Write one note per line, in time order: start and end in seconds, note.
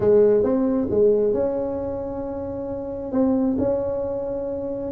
0.00 0.43 G#3
0.43 0.88 C4
0.90 1.33 G#3
1.33 3.12 C#4
3.12 3.57 C4
3.58 4.91 C#4